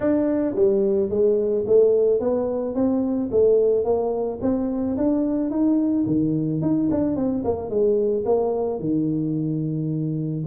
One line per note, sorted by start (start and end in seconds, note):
0.00 0.55 D4
0.55 1.09 G3
1.09 1.64 G#3
1.66 2.20 A3
2.20 2.74 B3
2.74 3.30 C4
3.31 3.84 A3
3.84 4.39 A#3
4.41 4.96 C4
4.97 5.50 D4
5.50 6.05 D#4
6.06 6.61 D#3
6.61 6.89 D#4
6.90 7.16 D4
7.16 7.43 C4
7.44 7.69 A#3
7.69 8.24 G#3
8.25 8.79 A#3
8.79 10.44 D#3